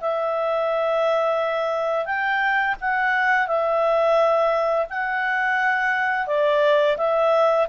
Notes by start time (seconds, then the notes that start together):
0.00 E5
2.05 G5
2.80 F#5
3.47 E5
4.89 F#5
6.27 D5
6.97 E5